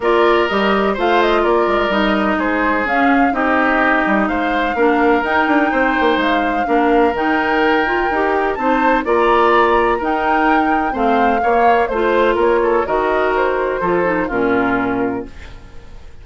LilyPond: <<
  \new Staff \with { instrumentName = "flute" } { \time 4/4 \tempo 4 = 126 d''4 dis''4 f''8 dis''8 d''4 | dis''4 c''4 f''4 dis''4~ | dis''4 f''2 g''4~ | g''4 f''2 g''4~ |
g''2 a''4 ais''4~ | ais''4 g''2 f''4~ | f''4 c''4 cis''4 dis''4 | c''2 ais'2 | }
  \new Staff \with { instrumentName = "oboe" } { \time 4/4 ais'2 c''4 ais'4~ | ais'4 gis'2 g'4~ | g'4 c''4 ais'2 | c''2 ais'2~ |
ais'2 c''4 d''4~ | d''4 ais'2 c''4 | cis''4 c''4 ais'8 a'8 ais'4~ | ais'4 a'4 f'2 | }
  \new Staff \with { instrumentName = "clarinet" } { \time 4/4 f'4 g'4 f'2 | dis'2 cis'4 dis'4~ | dis'2 d'4 dis'4~ | dis'2 d'4 dis'4~ |
dis'8 f'8 g'4 dis'4 f'4~ | f'4 dis'2 c'4 | ais4 f'2 fis'4~ | fis'4 f'8 dis'8 cis'2 | }
  \new Staff \with { instrumentName = "bassoon" } { \time 4/4 ais4 g4 a4 ais8 gis8 | g4 gis4 cis'4 c'4~ | c'8 g8 gis4 ais4 dis'8 d'8 | c'8 ais8 gis4 ais4 dis4~ |
dis4 dis'4 c'4 ais4~ | ais4 dis'2 a4 | ais4 a4 ais4 dis4~ | dis4 f4 ais,2 | }
>>